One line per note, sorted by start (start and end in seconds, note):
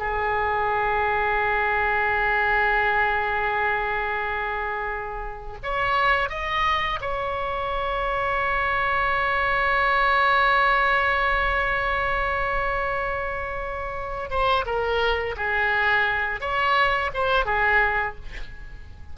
0.00 5.58 G#4
5.64 6.30 C#5
6.30 7.00 D#5
7.01 14.31 C#5
14.31 14.65 C5
14.66 15.36 A#4
15.37 16.41 G#4
16.41 17.11 C#5
17.14 17.46 C5
17.46 18.16 G#4